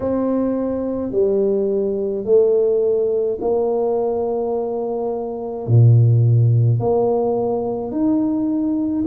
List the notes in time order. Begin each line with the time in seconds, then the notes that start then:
0.00 C4
1.11 G3
2.24 A3
3.40 A#3
5.67 A#2
6.79 A#3
7.91 D#4